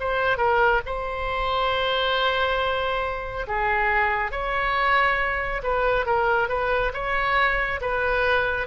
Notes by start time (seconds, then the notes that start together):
0.00 C5
0.38 A#4
0.86 C5
3.47 G#4
4.32 C#5
5.63 B4
6.06 A#4
6.49 B4
6.94 C#5
7.81 B4